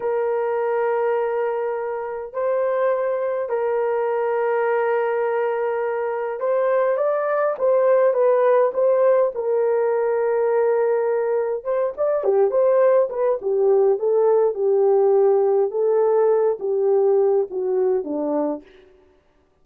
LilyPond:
\new Staff \with { instrumentName = "horn" } { \time 4/4 \tempo 4 = 103 ais'1 | c''2 ais'2~ | ais'2. c''4 | d''4 c''4 b'4 c''4 |
ais'1 | c''8 d''8 g'8 c''4 b'8 g'4 | a'4 g'2 a'4~ | a'8 g'4. fis'4 d'4 | }